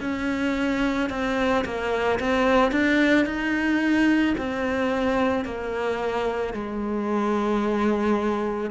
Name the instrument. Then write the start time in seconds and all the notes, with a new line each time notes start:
cello
0.00 C#4
1.10 C4
1.65 A#3
2.19 C4
2.71 D4
3.25 D#4
4.37 C4
5.45 A#3
6.54 G#3